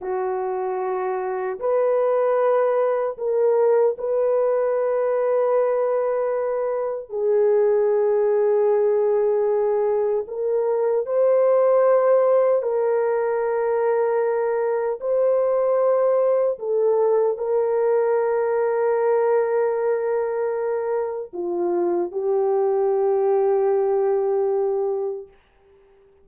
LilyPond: \new Staff \with { instrumentName = "horn" } { \time 4/4 \tempo 4 = 76 fis'2 b'2 | ais'4 b'2.~ | b'4 gis'2.~ | gis'4 ais'4 c''2 |
ais'2. c''4~ | c''4 a'4 ais'2~ | ais'2. f'4 | g'1 | }